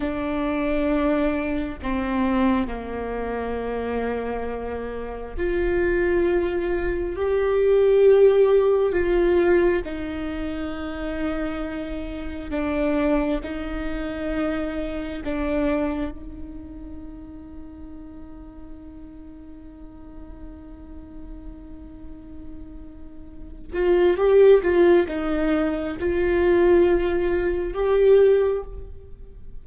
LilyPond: \new Staff \with { instrumentName = "viola" } { \time 4/4 \tempo 4 = 67 d'2 c'4 ais4~ | ais2 f'2 | g'2 f'4 dis'4~ | dis'2 d'4 dis'4~ |
dis'4 d'4 dis'2~ | dis'1~ | dis'2~ dis'8 f'8 g'8 f'8 | dis'4 f'2 g'4 | }